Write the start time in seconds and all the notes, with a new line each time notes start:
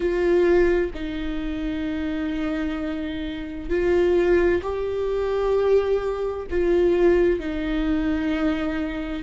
0.00 F4
0.94 D#4
3.69 F4
4.62 G4
6.50 F4
7.39 D#4